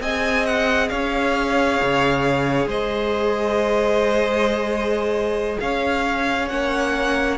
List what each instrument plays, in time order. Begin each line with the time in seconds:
0.00 cello C4, viola G#4, violin D#5 G#5
0.46 violin F#5
0.88 cello C#4, violin C#5 F5
1.81 cello C#3
2.66 cello G#3, violin C5 D#5
5.60 cello C#4, violin C#5 F5
6.48 cello A#3, viola C#4, violin F#5